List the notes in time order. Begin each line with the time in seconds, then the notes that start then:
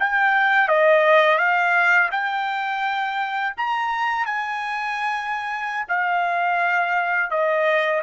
0.00 G5
0.68 D#5
1.38 F5
2.12 G5
3.57 A#5
4.26 G#5
5.88 F5
7.31 D#5